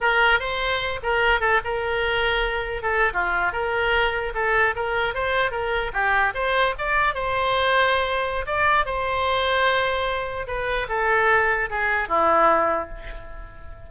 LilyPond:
\new Staff \with { instrumentName = "oboe" } { \time 4/4 \tempo 4 = 149 ais'4 c''4. ais'4 a'8 | ais'2. a'8. f'16~ | f'8. ais'2 a'4 ais'16~ | ais'8. c''4 ais'4 g'4 c''16~ |
c''8. d''4 c''2~ c''16~ | c''4 d''4 c''2~ | c''2 b'4 a'4~ | a'4 gis'4 e'2 | }